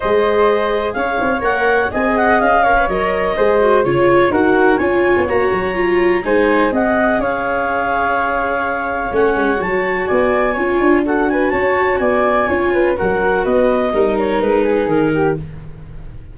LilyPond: <<
  \new Staff \with { instrumentName = "clarinet" } { \time 4/4 \tempo 4 = 125 dis''2 f''4 fis''4 | gis''8 fis''8 f''4 dis''2 | cis''4 fis''4 gis''4 ais''4~ | ais''4 gis''4 fis''4 f''4~ |
f''2. fis''4 | a''4 gis''2 fis''8 gis''8 | a''4 gis''2 fis''4 | dis''4. cis''8 b'4 ais'4 | }
  \new Staff \with { instrumentName = "flute" } { \time 4/4 c''2 cis''2 | dis''4. cis''4. c''4 | cis''4 ais'4 cis''2~ | cis''4 c''4 dis''4 cis''4~ |
cis''1~ | cis''4 d''4 cis''4 a'8 b'8 | cis''4 d''4 cis''8 b'8 ais'4 | b'4 ais'4. gis'4 g'8 | }
  \new Staff \with { instrumentName = "viola" } { \time 4/4 gis'2. ais'4 | gis'4. ais'16 b'16 ais'4 gis'8 fis'8 | f'4 fis'4 f'4 fis'4 | f'4 dis'4 gis'2~ |
gis'2. cis'4 | fis'2 f'4 fis'4~ | fis'2 f'4 fis'4~ | fis'4 dis'2. | }
  \new Staff \with { instrumentName = "tuba" } { \time 4/4 gis2 cis'8 c'8 ais4 | c'4 cis'4 fis4 gis4 | cis4 dis'4 cis'8. b16 ais8 fis8~ | fis4 gis4 c'4 cis'4~ |
cis'2. a8 gis8 | fis4 b4 cis'8 d'4. | cis'4 b4 cis'4 fis4 | b4 g4 gis4 dis4 | }
>>